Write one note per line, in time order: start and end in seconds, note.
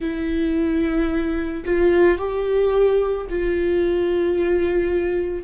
0.00 1.64 E4
1.65 2.18 F4
2.18 3.27 G4
3.29 5.43 F4